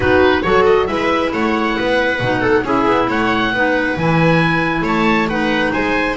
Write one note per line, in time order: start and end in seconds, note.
0.00 0.42 B3
0.00 0.43 D#4
0.00 0.44 F#4
0.00 0.41 B4
0.41 0.88 F#3
0.41 0.86 F#4
0.41 0.89 A4
0.41 0.64 C#5
0.65 0.86 D#5
0.86 1.32 G#3
0.86 2.18 E4
0.86 1.33 B4
0.86 1.30 E5
1.33 1.77 A3
1.33 1.76 C#5
1.33 2.65 F#5
1.76 2.20 B3
1.76 2.40 B4
2.20 2.63 B2
2.20 2.65 D#4
2.40 2.62 A4
2.63 2.85 C#4
2.63 3.53 E4
2.63 3.08 G#4
2.63 3.10 E5
2.86 3.08 B3
3.08 3.52 A3
3.08 3.53 C#5
3.08 3.98 F#5
3.52 3.96 B3
3.52 3.98 D#4
3.52 4.83 B4
3.96 4.81 E3
3.96 5.29 E4
3.96 4.86 G#5
4.81 5.69 A3
4.81 5.27 C#5
4.81 5.29 A5
5.29 6.16 D#4
5.29 5.73 B4
5.29 5.72 F#5
5.72 6.16 G#3
5.72 6.16 C5
5.72 6.16 G#5